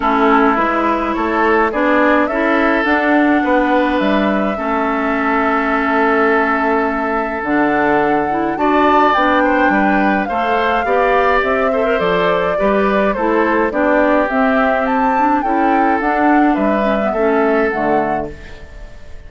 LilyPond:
<<
  \new Staff \with { instrumentName = "flute" } { \time 4/4 \tempo 4 = 105 a'4 b'4 cis''4 d''4 | e''4 fis''2 e''4~ | e''1~ | e''4 fis''2 a''4 |
g''2 f''2 | e''4 d''2 c''4 | d''4 e''4 a''4 g''4 | fis''4 e''2 fis''4 | }
  \new Staff \with { instrumentName = "oboe" } { \time 4/4 e'2 a'4 gis'4 | a'2 b'2 | a'1~ | a'2. d''4~ |
d''8 c''8 b'4 c''4 d''4~ | d''8 c''4. b'4 a'4 | g'2. a'4~ | a'4 b'4 a'2 | }
  \new Staff \with { instrumentName = "clarinet" } { \time 4/4 cis'4 e'2 d'4 | e'4 d'2. | cis'1~ | cis'4 d'4. e'8 fis'4 |
d'2 a'4 g'4~ | g'8 a'16 ais'16 a'4 g'4 e'4 | d'4 c'4. d'8 e'4 | d'4. cis'16 b16 cis'4 a4 | }
  \new Staff \with { instrumentName = "bassoon" } { \time 4/4 a4 gis4 a4 b4 | cis'4 d'4 b4 g4 | a1~ | a4 d2 d'4 |
b4 g4 a4 b4 | c'4 f4 g4 a4 | b4 c'2 cis'4 | d'4 g4 a4 d4 | }
>>